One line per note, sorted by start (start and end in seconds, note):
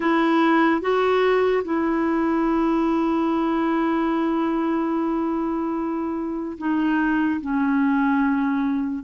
0.00 0.81 E4
0.81 1.63 F#4
1.64 6.57 E4
6.58 7.40 D#4
7.40 9.04 C#4